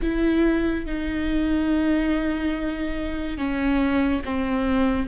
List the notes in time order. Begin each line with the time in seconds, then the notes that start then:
0.02 E4
0.86 D#4
3.37 C#4
4.24 C4